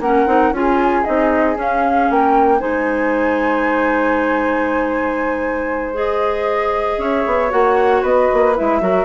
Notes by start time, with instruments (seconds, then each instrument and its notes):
0.00 bassoon A#3, clarinet C#4, flute A#4 F#5
0.27 bassoon C4, clarinet D#4
0.51 bassoon C#4, clarinet F4, flute G#5
0.58 flute G#4
1.05 bassoon C4, clarinet D#4, flute D#5
1.56 clarinet C#4, bassoon C#4, flute F5
2.11 bassoon A#3, flute A#4 G5
2.60 bassoon G#3, clarinet D#4, flute C5 G#5
5.94 clarinet G#4, flute D#5
6.98 bassoon C#4, flute C#5 E5
7.26 bassoon B3
7.50 bassoon A#3, clarinet F#4, flute F#5
8.03 bassoon B3, flute B4 D#5
8.34 bassoon A#3
8.56 bassoon G#3, clarinet E4, flute E5
8.81 bassoon F#3, clarinet F#4, flute A#4